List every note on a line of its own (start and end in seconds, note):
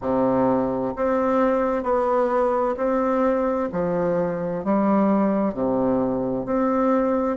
0.01 0.94 C3
0.96 1.83 C4
1.83 2.75 B3
2.77 3.69 C4
3.72 4.64 F3
4.64 5.54 G3
5.54 6.45 C3
6.45 7.37 C4